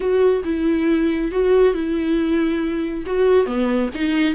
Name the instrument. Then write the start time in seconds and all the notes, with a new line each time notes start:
viola
0.00 F#4
0.44 E4
1.31 F#4
1.74 E4
3.06 F#4
3.46 B3
3.94 D#4